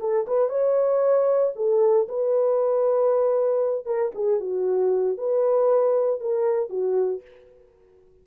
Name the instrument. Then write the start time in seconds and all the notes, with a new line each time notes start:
horn
0.00 A4
0.27 B4
0.49 C#5
1.56 A4
2.08 B4
3.86 A#4
4.15 G#4
4.40 F#4
5.18 B4
6.20 A#4
6.70 F#4